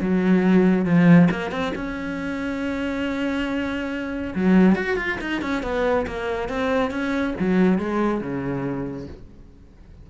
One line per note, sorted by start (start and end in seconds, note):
0.00 0.85 F#3
0.85 1.28 F3
1.30 1.51 A#3
1.51 1.72 C4
1.75 4.34 C#4
4.35 4.75 F#3
4.75 4.96 F#4
4.96 5.18 F4
5.21 5.41 D#4
5.41 5.62 C#4
5.62 6.05 B3
6.06 6.48 A#3
6.48 6.90 C4
6.90 7.34 C#4
7.39 7.78 F#3
7.78 8.20 G#3
8.20 9.07 C#3